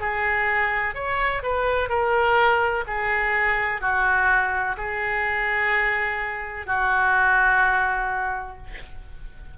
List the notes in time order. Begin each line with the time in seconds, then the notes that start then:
0.00 G#4
0.95 C#5
1.43 B4
1.89 A#4
2.87 G#4
3.81 F#4
4.77 G#4
6.67 F#4